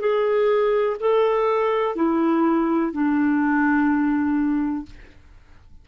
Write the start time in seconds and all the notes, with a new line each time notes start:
0.00 G#4
1.00 A4
1.95 E4
2.92 D4